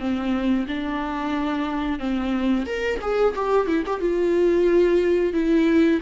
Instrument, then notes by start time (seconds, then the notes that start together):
viola
0.00 C4
0.68 D4
1.99 C4
2.66 A#4
3.02 G#4
3.35 G4
3.67 E4
3.87 G4
4.01 F4
5.33 E4